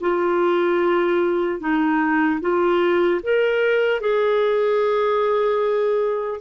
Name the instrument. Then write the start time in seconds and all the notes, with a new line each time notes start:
clarinet
0.00 F4
1.60 D#4
2.40 F4
3.22 A#4
4.00 G#4